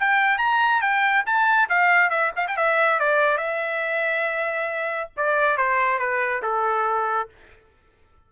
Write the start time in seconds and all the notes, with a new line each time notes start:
0.00 G5
0.38 A#5
0.82 G5
1.26 A5
1.70 F5
2.11 E5
2.36 F5
2.48 G5
2.57 E5
3.00 D5
3.38 E5
5.17 D5
5.57 C5
5.99 B4
6.43 A4